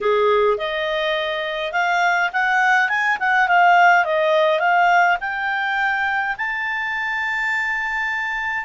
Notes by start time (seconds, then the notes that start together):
0.01 G#4
0.57 D#5
1.72 F5
2.32 F#5
2.88 G#5
3.19 F#5
3.48 F5
4.04 D#5
4.59 F5
5.20 G5
6.37 A5